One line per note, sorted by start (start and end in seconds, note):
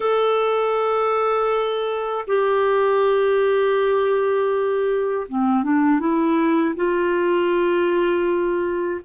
0.00 2.25 A4
2.27 5.27 G4
5.28 5.62 C4
5.62 5.99 D4
5.99 6.74 E4
6.75 9.00 F4